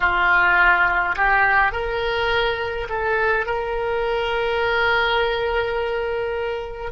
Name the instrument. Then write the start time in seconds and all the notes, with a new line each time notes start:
oboe
0.00 F4
1.15 G4
1.72 A#4
2.88 A4
3.46 A#4